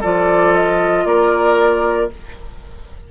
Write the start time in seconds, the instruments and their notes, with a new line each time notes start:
0.00 bassoon F3, clarinet F4, oboe A4, flute D5
0.54 flute D#5
1.05 bassoon A#3, oboe A#4, flute D5